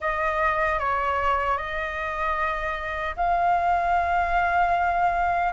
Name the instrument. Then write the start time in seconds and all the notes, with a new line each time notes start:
flute
0.00 D#5
0.79 C#5
1.57 D#5
3.16 F5